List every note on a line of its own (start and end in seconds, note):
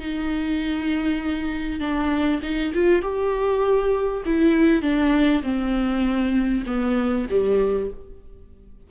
0.00 1.80 D#4
1.80 2.41 D4
2.43 2.73 D#4
2.74 3.02 F4
3.02 4.24 G4
4.26 4.82 E4
4.82 5.43 D4
5.43 6.64 C4
6.67 7.28 B3
7.30 7.91 G3